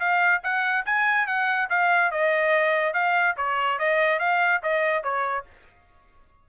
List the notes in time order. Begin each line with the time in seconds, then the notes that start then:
0.00 F5
0.44 F#5
0.86 G#5
1.27 F#5
1.70 F5
2.12 D#5
2.94 F5
3.37 C#5
3.79 D#5
4.20 F5
4.63 D#5
5.03 C#5